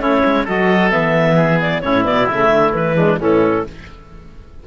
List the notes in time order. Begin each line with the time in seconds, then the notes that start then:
0.00 A3 C#4 E4 C#5
0.25 G#3
0.44 F#3 F#4 A4 D#5
0.91 E3 B3 E5
1.36 G#4
1.62 D5
1.81 A2 C#4 E4 C#5
2.05 B2 B3 D5
2.27 C#3 A3 E5
2.50 D3
2.73 E3 B4
2.96 G#3 D4
3.19 A2 E3 C#4 A4